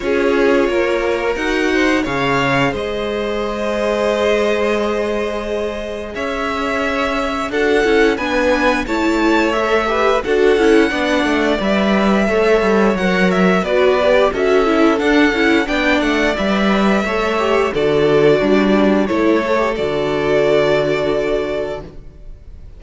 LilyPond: <<
  \new Staff \with { instrumentName = "violin" } { \time 4/4 \tempo 4 = 88 cis''2 fis''4 f''4 | dis''1~ | dis''4 e''2 fis''4 | gis''4 a''4 e''4 fis''4~ |
fis''4 e''2 fis''8 e''8 | d''4 e''4 fis''4 g''8 fis''8 | e''2 d''2 | cis''4 d''2. | }
  \new Staff \with { instrumentName = "violin" } { \time 4/4 gis'4 ais'4. c''8 cis''4 | c''1~ | c''4 cis''2 a'4 | b'4 cis''4. b'8 a'4 |
d''2 cis''2 | b'4 a'2 d''4~ | d''4 cis''4 a'4 d'4 | a'1 | }
  \new Staff \with { instrumentName = "viola" } { \time 4/4 f'2 fis'4 gis'4~ | gis'1~ | gis'2. fis'8 e'8 | d'4 e'4 a'8 g'8 fis'8 e'8 |
d'4 b'4 a'4 ais'4 | fis'8 g'8 fis'8 e'8 d'8 e'8 d'4 | b'4 a'8 g'8 fis'2 | e'8 a'16 g'16 fis'2. | }
  \new Staff \with { instrumentName = "cello" } { \time 4/4 cis'4 ais4 dis'4 cis4 | gis1~ | gis4 cis'2 d'8 cis'8 | b4 a2 d'8 cis'8 |
b8 a8 g4 a8 g8 fis4 | b4 cis'4 d'8 cis'8 b8 a8 | g4 a4 d4 g4 | a4 d2. | }
>>